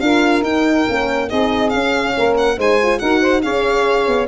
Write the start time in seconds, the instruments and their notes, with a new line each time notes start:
0.00 tuba D4, horn F4, saxophone A#4, violin F5
0.42 tuba D#4, horn D#4, violin G5
0.86 tuba A#3, horn C#4
1.28 tuba C4, horn D#4, saxophone G#4, violin D#5
1.70 horn C#4, tuba C#4, violin F5
2.17 tuba A#3, saxophone A#4
2.37 violin F#5
2.57 tuba G#3, horn D#4, saxophone C5, violin G#5
2.82 horn F4
2.99 tuba D#4, horn F#4, saxophone A#4, violin F#5
3.21 saxophone C5
3.42 tuba C#4, horn G#4, saxophone C#5, violin F5
4.07 tuba B3